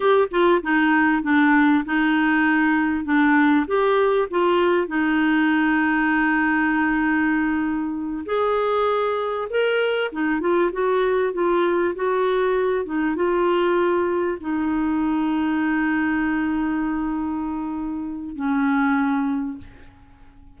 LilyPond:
\new Staff \with { instrumentName = "clarinet" } { \time 4/4 \tempo 4 = 98 g'8 f'8 dis'4 d'4 dis'4~ | dis'4 d'4 g'4 f'4 | dis'1~ | dis'4. gis'2 ais'8~ |
ais'8 dis'8 f'8 fis'4 f'4 fis'8~ | fis'4 dis'8 f'2 dis'8~ | dis'1~ | dis'2 cis'2 | }